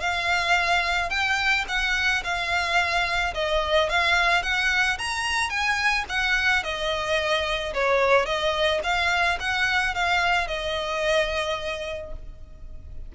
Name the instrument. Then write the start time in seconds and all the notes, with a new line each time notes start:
violin
0.00 F5
1.10 G5
1.68 F#5
2.23 F5
3.34 D#5
3.89 F5
4.42 F#5
4.98 A#5
5.49 G#5
6.09 F#5
6.63 D#5
7.73 C#5
8.25 D#5
8.83 F5
9.39 F#5
9.94 F5
10.47 D#5